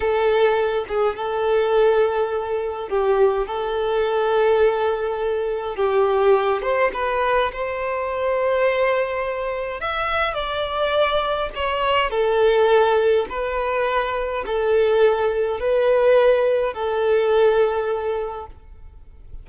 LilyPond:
\new Staff \with { instrumentName = "violin" } { \time 4/4 \tempo 4 = 104 a'4. gis'8 a'2~ | a'4 g'4 a'2~ | a'2 g'4. c''8 | b'4 c''2.~ |
c''4 e''4 d''2 | cis''4 a'2 b'4~ | b'4 a'2 b'4~ | b'4 a'2. | }